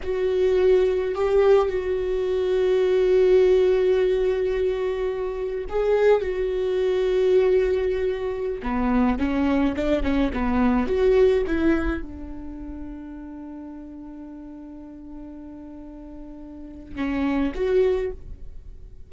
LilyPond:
\new Staff \with { instrumentName = "viola" } { \time 4/4 \tempo 4 = 106 fis'2 g'4 fis'4~ | fis'1~ | fis'2 gis'4 fis'4~ | fis'2.~ fis'16 b8.~ |
b16 cis'4 d'8 cis'8 b4 fis'8.~ | fis'16 e'4 d'2~ d'8.~ | d'1~ | d'2 cis'4 fis'4 | }